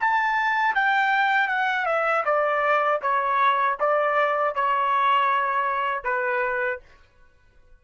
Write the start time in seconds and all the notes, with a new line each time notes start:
0.00 A5
0.75 G5
1.48 F#5
1.85 E5
2.24 D5
3.01 C#5
3.79 D5
4.55 C#5
6.03 B4